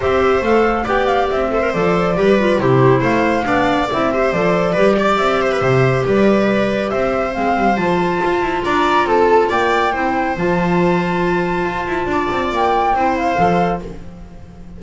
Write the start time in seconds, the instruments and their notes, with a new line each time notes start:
0.00 double bass C4, clarinet G4, viola C5, flute E5
0.41 double bass A3, clarinet A4, flute F5
0.83 double bass B3, clarinet G4, viola D5, flute G5
1.06 flute F5
1.30 double bass C4, flute E5
1.49 clarinet A4, viola C5
1.61 clarinet A#4
1.73 double bass F3, clarinet A4, flute D5
2.16 double bass G3, clarinet G4, viola B4
2.39 clarinet F4
2.58 double bass C3, clarinet E4, viola G4, flute C5
3.00 double bass A3, viola C5, flute F5
3.43 double bass B3, clarinet D4, viola D5
3.92 double bass C4, clarinet E4, flute E5
4.12 clarinet G4, viola C5
4.31 double bass F3, clarinet A4, flute D5
4.72 double bass G3, clarinet G4, viola B4
4.98 viola D5
5.17 double bass C4, flute E5
5.41 viola C5
5.51 viola B4
5.61 double bass C3, viola C5
6.05 double bass G3, viola B4, flute D5
6.90 double bass C4, viola C5, flute E5
7.31 double bass G#3, clarinet C4, flute F5
7.57 double bass G3
7.76 double bass F3, clarinet F4, flute A5
8.23 double bass F4
8.41 double bass E4
8.64 double bass D4, viola D5, flute A#5
9.04 double bass C4, viola A4, flute A5
9.49 double bass A#3, viola D5, flute G5
9.92 double bass C4, clarinet E4, viola C5
10.36 double bass F3, clarinet F4, flute A5
11.64 double bass F4
11.87 double bass E4
12.06 double bass D4, viola D5
12.31 double bass C4
12.51 double bass A#3, flute G5
12.93 double bass C4, clarinet E4, viola C5
13.16 flute F5
13.36 double bass F3, clarinet A4